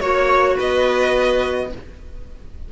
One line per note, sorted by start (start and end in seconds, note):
0.00 0.57 A#3
0.00 1.69 F#4
0.00 0.56 C#5
0.56 1.72 B3
0.56 1.68 B4
0.56 1.72 D#5